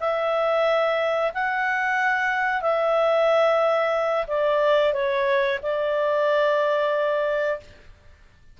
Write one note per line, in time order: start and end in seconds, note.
0.00 1.32 E5
1.34 2.61 F#5
2.61 4.26 E5
4.27 4.93 D5
4.93 5.59 C#5
5.62 7.60 D5